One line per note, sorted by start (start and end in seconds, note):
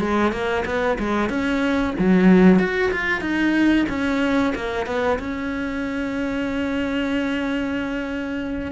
0.00 0.32 G#3
0.32 0.65 A#3
0.66 0.98 B3
0.99 1.30 G#3
1.30 1.94 C#4
1.99 2.59 F#3
2.59 2.91 F#4
2.92 3.21 F4
3.21 3.86 D#4
3.89 4.53 C#4
4.55 4.86 A#3
4.86 5.18 B3
5.19 8.72 C#4